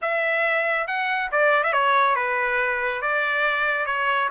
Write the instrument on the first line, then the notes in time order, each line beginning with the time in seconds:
trumpet
0.01 E5
0.87 F#5
1.31 D5
1.63 E5
1.72 C#5
2.15 B4
3.01 D5
3.86 C#5